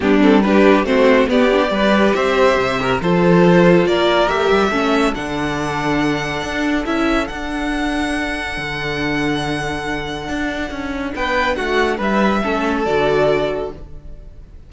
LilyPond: <<
  \new Staff \with { instrumentName = "violin" } { \time 4/4 \tempo 4 = 140 g'8 a'8 b'4 c''4 d''4~ | d''4 e''2 c''4~ | c''4 d''4 e''2 | fis''1 |
e''4 fis''2.~ | fis''1~ | fis''2 g''4 fis''4 | e''2 d''2 | }
  \new Staff \with { instrumentName = "violin" } { \time 4/4 d'4 g'4 fis'4 g'4 | b'4 c''4. ais'8 a'4~ | a'4 ais'2 a'4~ | a'1~ |
a'1~ | a'1~ | a'2 b'4 fis'4 | b'4 a'2. | }
  \new Staff \with { instrumentName = "viola" } { \time 4/4 b8 c'8 d'4 c'4 b8 d'8 | g'2. f'4~ | f'2 g'4 cis'4 | d'1 |
e'4 d'2.~ | d'1~ | d'1~ | d'4 cis'4 fis'2 | }
  \new Staff \with { instrumentName = "cello" } { \time 4/4 g2 a4 b4 | g4 c'4 c4 f4~ | f4 ais4 a8 g8 a4 | d2. d'4 |
cis'4 d'2. | d1 | d'4 cis'4 b4 a4 | g4 a4 d2 | }
>>